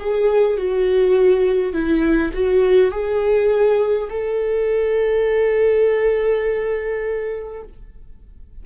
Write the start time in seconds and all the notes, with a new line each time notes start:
0.00 G#4
0.58 F#4
1.74 E4
2.34 F#4
2.92 G#4
4.10 A4